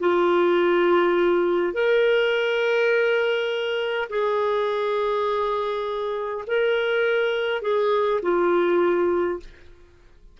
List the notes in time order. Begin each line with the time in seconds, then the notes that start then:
0.00 F4
1.74 A#4
4.09 G#4
6.47 A#4
7.62 G#4
8.22 F4